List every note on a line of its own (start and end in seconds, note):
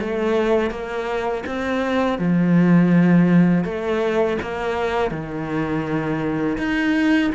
0.00 0.70 A3
0.70 1.43 A#3
1.46 2.18 C4
2.18 3.64 F3
3.64 4.37 A3
4.41 5.11 A#3
5.11 6.57 D#3
6.58 7.31 D#4